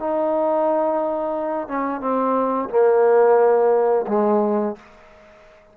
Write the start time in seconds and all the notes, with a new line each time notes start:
0.00 D#4
1.69 C#4
2.01 C4
2.70 A#3
4.08 G#3